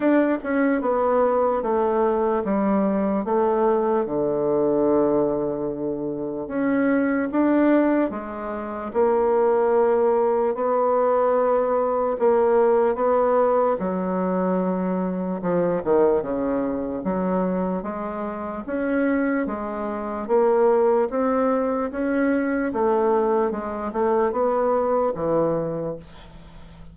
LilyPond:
\new Staff \with { instrumentName = "bassoon" } { \time 4/4 \tempo 4 = 74 d'8 cis'8 b4 a4 g4 | a4 d2. | cis'4 d'4 gis4 ais4~ | ais4 b2 ais4 |
b4 fis2 f8 dis8 | cis4 fis4 gis4 cis'4 | gis4 ais4 c'4 cis'4 | a4 gis8 a8 b4 e4 | }